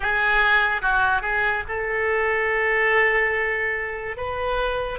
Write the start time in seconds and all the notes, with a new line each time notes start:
0.00 G#4
0.81 F#4
1.21 G#4
1.68 A4
4.17 B4